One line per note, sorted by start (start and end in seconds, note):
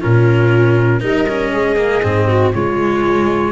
0.00 1.02 A#2
0.00 1.00 C#4
0.00 1.01 F4
0.00 1.03 A#4
1.00 1.52 G3
1.00 1.25 D#4
1.00 1.51 A#4
1.00 2.53 D#5
1.28 1.76 C#4
1.52 2.02 G#3
1.52 2.28 G#4
1.76 2.01 A#3
2.02 2.53 G#2
2.02 2.53 C4
2.28 2.53 F#4
2.53 3.51 C#3
2.53 3.51 G#3
2.53 3.51 F4
2.53 3.51 C#5